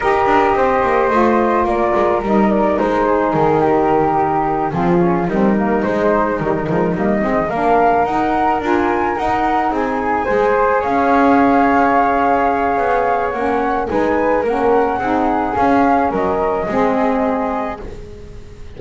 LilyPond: <<
  \new Staff \with { instrumentName = "flute" } { \time 4/4 \tempo 4 = 108 dis''2. d''4 | dis''8 d''8 c''4 ais'2~ | ais'8 gis'4 ais'4 c''4 ais'8~ | ais'8 dis''4 f''4 fis''4 gis''8~ |
gis''8 fis''4 gis''2 f''8~ | f''1 | fis''4 gis''4 fis''2 | f''4 dis''2. | }
  \new Staff \with { instrumentName = "flute" } { \time 4/4 ais'4 c''2 ais'4~ | ais'4. gis'4 g'4.~ | g'8 f'4 dis'2~ dis'8~ | dis'4. ais'2~ ais'8~ |
ais'4. gis'4 c''4 cis''8~ | cis''1~ | cis''4 b'4 ais'4 gis'4~ | gis'4 ais'4 gis'2 | }
  \new Staff \with { instrumentName = "saxophone" } { \time 4/4 g'2 f'2 | dis'1~ | dis'8 c'8 cis'8 c'8 ais8 gis4 g8 | gis8 ais8 c'8 d'4 dis'4 f'8~ |
f'8 dis'2 gis'4.~ | gis'1 | cis'4 dis'4 cis'4 dis'4 | cis'2 c'2 | }
  \new Staff \with { instrumentName = "double bass" } { \time 4/4 dis'8 d'8 c'8 ais8 a4 ais8 gis8 | g4 gis4 dis2~ | dis8 f4 g4 gis4 dis8 | f8 g8 gis8 ais4 dis'4 d'8~ |
d'8 dis'4 c'4 gis4 cis'8~ | cis'2. b4 | ais4 gis4 ais4 c'4 | cis'4 fis4 gis2 | }
>>